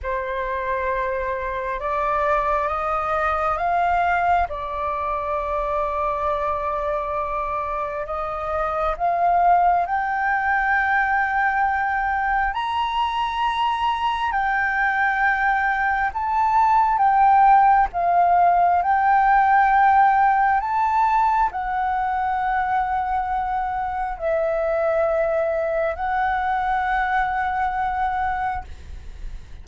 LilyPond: \new Staff \with { instrumentName = "flute" } { \time 4/4 \tempo 4 = 67 c''2 d''4 dis''4 | f''4 d''2.~ | d''4 dis''4 f''4 g''4~ | g''2 ais''2 |
g''2 a''4 g''4 | f''4 g''2 a''4 | fis''2. e''4~ | e''4 fis''2. | }